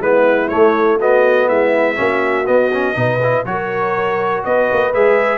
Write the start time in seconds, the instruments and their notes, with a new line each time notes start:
0.00 tuba G#3, trombone B3, horn E4, trumpet B4
0.49 trombone A3, tuba A3, trumpet C#5
0.99 trombone B3, horn F#4, trumpet D#5
1.48 tuba G#3, horn E4, trumpet E5
1.96 tuba A#3, trombone C#4, horn F#4
2.47 trombone B3, tuba B3, trumpet D#5
2.72 trombone C#4
2.95 tuba B2, trombone D#4, horn B4
3.23 trombone E4
3.45 tuba F#3, trombone F#4, horn A#4, trumpet C#5
4.44 tuba B3, horn B4, trumpet D#5
4.73 tuba A#3
4.94 tuba G#3, trombone G#4, trumpet E5